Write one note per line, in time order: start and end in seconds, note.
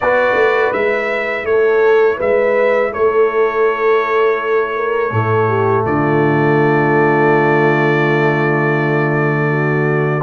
0.00 0.34 B3
0.00 0.75 F#4
0.00 1.48 B4
0.00 0.73 D5
0.34 0.70 A3
0.72 1.43 G#3
0.72 5.08 E4
0.72 1.45 E5
1.43 2.17 A3
1.43 2.18 C#5
1.50 2.16 A4
2.16 2.93 G#3
2.16 2.90 B4
2.16 2.93 E5
2.91 5.11 A3
2.91 4.74 A4
2.91 5.85 C#5
4.76 5.12 A#4
5.08 5.84 A2
5.08 10.21 A3
5.08 5.48 A4
5.48 5.84 G4
5.85 10.23 D3
5.85 9.50 F4
5.85 10.23 D5
9.50 10.23 F#4